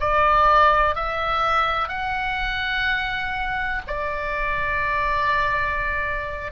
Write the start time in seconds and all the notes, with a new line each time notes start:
0.00 D5
0.95 E5
1.88 F#5
3.87 D5